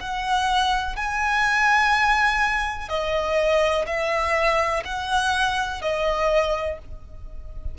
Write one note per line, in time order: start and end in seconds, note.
0.00 0.96 F#5
0.96 2.89 G#5
2.89 3.85 D#5
3.86 4.83 E5
4.84 5.81 F#5
5.82 6.78 D#5